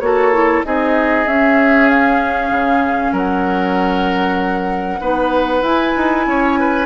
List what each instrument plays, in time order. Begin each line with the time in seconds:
0.00 bassoon A#3, clarinet F#4, oboe A4, flute C#5
0.32 clarinet E4
0.64 bassoon C4, clarinet D#4, oboe G#4, flute D#5
1.26 bassoon C#4, clarinet C#4, flute E5
1.89 flute F5
2.50 bassoon C#3
3.12 bassoon F#3, oboe A#4, flute F#5
5.00 bassoon B3, clarinet D#4, oboe B4
5.61 bassoon E4, clarinet E4, flute G#5
5.96 bassoon D#4
6.26 bassoon C#4, oboe C#5
6.59 oboe B4